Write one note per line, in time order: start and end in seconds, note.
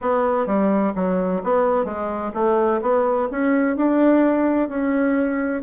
0.01 0.46 B3
0.46 0.93 G3
0.95 1.42 F#3
1.43 1.84 B3
1.84 2.31 G#3
2.34 2.80 A3
2.81 3.28 B3
3.31 3.76 C#4
3.76 4.68 D4
4.68 5.62 C#4